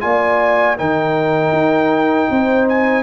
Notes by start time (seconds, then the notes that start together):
0.00 A#3 F4 D5 G#5
0.77 D#3 D#4 A#4 G5
1.51 D#4
2.30 C4 C5
2.68 G#5